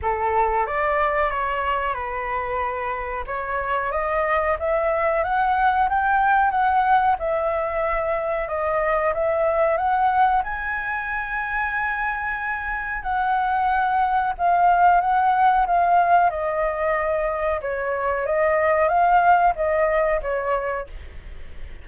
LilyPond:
\new Staff \with { instrumentName = "flute" } { \time 4/4 \tempo 4 = 92 a'4 d''4 cis''4 b'4~ | b'4 cis''4 dis''4 e''4 | fis''4 g''4 fis''4 e''4~ | e''4 dis''4 e''4 fis''4 |
gis''1 | fis''2 f''4 fis''4 | f''4 dis''2 cis''4 | dis''4 f''4 dis''4 cis''4 | }